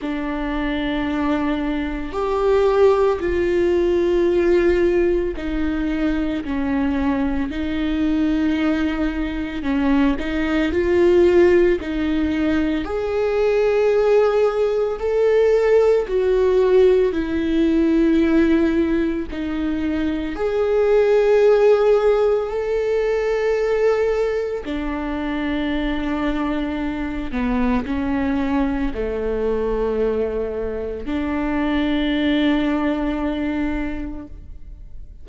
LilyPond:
\new Staff \with { instrumentName = "viola" } { \time 4/4 \tempo 4 = 56 d'2 g'4 f'4~ | f'4 dis'4 cis'4 dis'4~ | dis'4 cis'8 dis'8 f'4 dis'4 | gis'2 a'4 fis'4 |
e'2 dis'4 gis'4~ | gis'4 a'2 d'4~ | d'4. b8 cis'4 a4~ | a4 d'2. | }